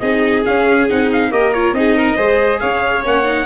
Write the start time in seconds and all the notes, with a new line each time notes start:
0.00 C4 D#4 G#4 D#5
0.46 C#4 F5
0.89 C4 D#4 F#5
1.13 F5
1.31 A#3 G4 A#4 D#5
1.54 F4 C#5
1.73 C4 D#4 D#5
1.79 G#4
1.96 A#4
2.17 G#3 G#4 C5
2.60 C#4 C#5 F5
3.04 A#3 C#4 F#5
3.24 D#4